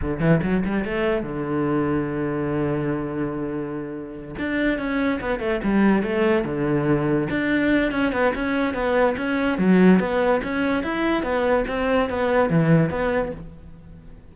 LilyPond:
\new Staff \with { instrumentName = "cello" } { \time 4/4 \tempo 4 = 144 d8 e8 fis8 g8 a4 d4~ | d1~ | d2~ d8 d'4 cis'8~ | cis'8 b8 a8 g4 a4 d8~ |
d4. d'4. cis'8 b8 | cis'4 b4 cis'4 fis4 | b4 cis'4 e'4 b4 | c'4 b4 e4 b4 | }